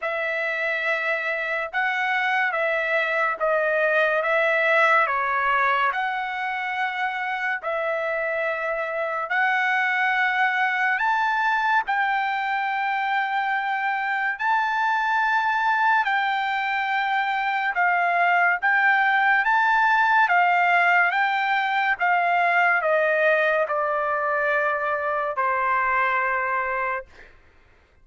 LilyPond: \new Staff \with { instrumentName = "trumpet" } { \time 4/4 \tempo 4 = 71 e''2 fis''4 e''4 | dis''4 e''4 cis''4 fis''4~ | fis''4 e''2 fis''4~ | fis''4 a''4 g''2~ |
g''4 a''2 g''4~ | g''4 f''4 g''4 a''4 | f''4 g''4 f''4 dis''4 | d''2 c''2 | }